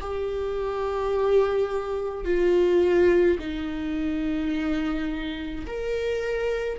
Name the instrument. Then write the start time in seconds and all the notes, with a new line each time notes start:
viola
0.00 G4
2.24 F4
3.39 D#4
5.67 A#4